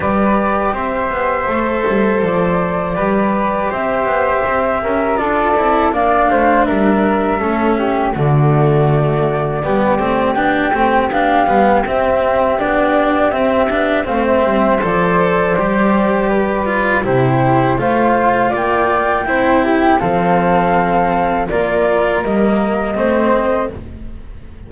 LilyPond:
<<
  \new Staff \with { instrumentName = "flute" } { \time 4/4 \tempo 4 = 81 d''4 e''2 d''4~ | d''4 e''2 d''4 | f''4 e''2 d''4~ | d''2 g''4 f''4 |
e''4 d''4 e''4 f''16 e''8. | d''2. c''4 | f''4 g''2 f''4~ | f''4 d''4 dis''2 | }
  \new Staff \with { instrumentName = "flute" } { \time 4/4 b'4 c''2. | b'4 c''4. ais'8 a'4 | d''8 c''8 ais'4 a'8 g'8 fis'4~ | fis'4 g'2.~ |
g'2. c''4~ | c''2 b'4 g'4 | c''4 d''4 c''8 g'8 a'4~ | a'4 ais'2 c''4 | }
  \new Staff \with { instrumentName = "cello" } { \time 4/4 g'2 a'2 | g'2. f'8 e'8 | d'2 cis'4 a4~ | a4 b8 c'8 d'8 c'8 d'8 b8 |
c'4 d'4 c'8 d'8 c'4 | a'4 g'4. f'8 e'4 | f'2 e'4 c'4~ | c'4 f'4 ais4 c'4 | }
  \new Staff \with { instrumentName = "double bass" } { \time 4/4 g4 c'8 b8 a8 g8 f4 | g4 c'8 b8 c'8 cis'8 d'8 c'8 | ais8 a8 g4 a4 d4~ | d4 g8 a8 b8 a8 b8 g8 |
c'4 b4 c'8 b8 a8 g8 | f4 g2 c4 | a4 ais4 c'4 f4~ | f4 ais4 g4 a4 | }
>>